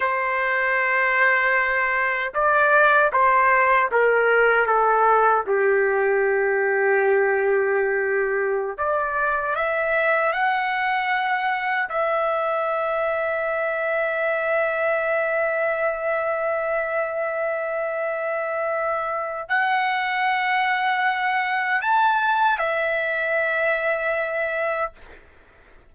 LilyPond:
\new Staff \with { instrumentName = "trumpet" } { \time 4/4 \tempo 4 = 77 c''2. d''4 | c''4 ais'4 a'4 g'4~ | g'2.~ g'16 d''8.~ | d''16 e''4 fis''2 e''8.~ |
e''1~ | e''1~ | e''4 fis''2. | a''4 e''2. | }